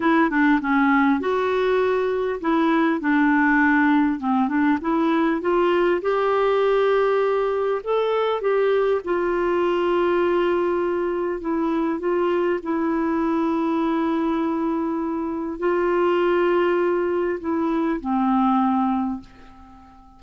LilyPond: \new Staff \with { instrumentName = "clarinet" } { \time 4/4 \tempo 4 = 100 e'8 d'8 cis'4 fis'2 | e'4 d'2 c'8 d'8 | e'4 f'4 g'2~ | g'4 a'4 g'4 f'4~ |
f'2. e'4 | f'4 e'2.~ | e'2 f'2~ | f'4 e'4 c'2 | }